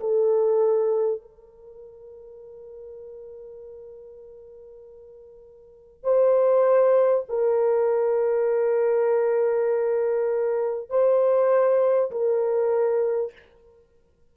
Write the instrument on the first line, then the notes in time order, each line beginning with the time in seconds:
horn
0.00 A4
1.21 A#4
6.04 C5
7.29 A#4
10.90 C5
12.11 A#4